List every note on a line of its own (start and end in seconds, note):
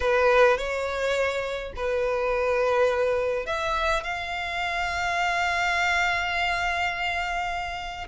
0.00 0.57 B4
0.57 1.73 C#5
1.76 3.45 B4
3.45 4.03 E5
4.03 8.07 F5